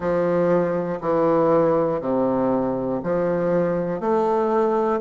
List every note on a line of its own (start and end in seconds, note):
0.00 1.00 F3
1.00 2.00 E3
2.00 3.00 C3
3.03 4.00 F3
4.00 5.00 A3